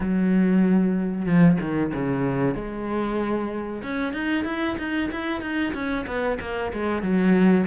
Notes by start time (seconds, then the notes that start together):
0.00 F#3
1.25 F3
1.60 D#3
1.94 C#3
2.54 G#3
3.82 C#4
4.13 D#4
4.44 E4
4.78 D#4
5.11 E4
5.41 D#4
5.73 C#4
6.06 B3
6.40 A#3
6.73 G#3
7.02 F#3